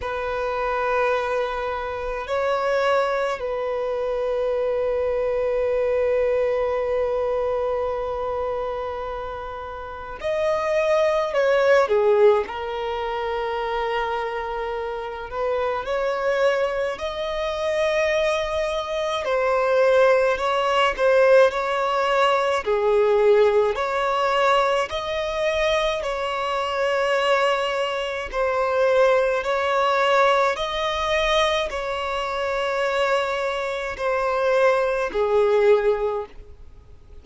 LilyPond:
\new Staff \with { instrumentName = "violin" } { \time 4/4 \tempo 4 = 53 b'2 cis''4 b'4~ | b'1~ | b'4 dis''4 cis''8 gis'8 ais'4~ | ais'4. b'8 cis''4 dis''4~ |
dis''4 c''4 cis''8 c''8 cis''4 | gis'4 cis''4 dis''4 cis''4~ | cis''4 c''4 cis''4 dis''4 | cis''2 c''4 gis'4 | }